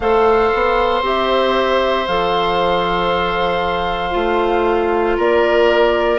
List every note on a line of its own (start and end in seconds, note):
0.00 0.50 A3
0.00 1.02 A4
0.00 5.16 C5
0.00 1.03 F5
0.54 1.02 B3
1.02 2.05 C4
1.02 2.06 G4
1.02 2.07 E5
2.07 4.14 F3
2.07 4.11 A4
2.07 5.17 F5
4.11 5.17 A3
4.11 6.17 F4
5.16 6.19 A#3
5.16 6.19 A#4
5.16 6.19 D5